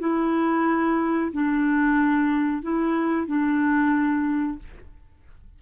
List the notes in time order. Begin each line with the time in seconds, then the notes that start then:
0.00 E4
1.33 D4
2.63 E4
3.27 D4